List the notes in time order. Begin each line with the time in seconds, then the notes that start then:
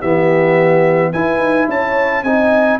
0.00 E3 B3 G4 E5
1.12 E4 B4 G#5
1.38 D#4
1.68 C#4 C#5 A5
2.22 C4 D#4 D#5 G#5